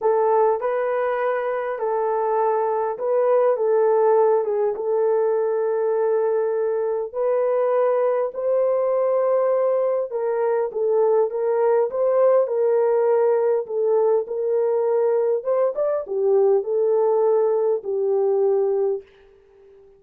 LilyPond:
\new Staff \with { instrumentName = "horn" } { \time 4/4 \tempo 4 = 101 a'4 b'2 a'4~ | a'4 b'4 a'4. gis'8 | a'1 | b'2 c''2~ |
c''4 ais'4 a'4 ais'4 | c''4 ais'2 a'4 | ais'2 c''8 d''8 g'4 | a'2 g'2 | }